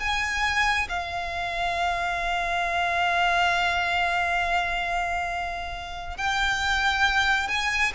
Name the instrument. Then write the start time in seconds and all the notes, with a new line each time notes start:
violin
0.00 G#5
0.89 F5
6.18 G5
7.48 G#5